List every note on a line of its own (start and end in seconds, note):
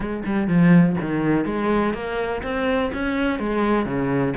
0.00 0.22 G#3
0.25 0.47 G3
0.47 0.96 F3
1.01 1.45 D#3
1.45 1.93 G#3
1.93 2.42 A#3
2.42 2.91 C4
2.93 3.39 C#4
3.39 3.85 G#3
3.85 4.34 C#3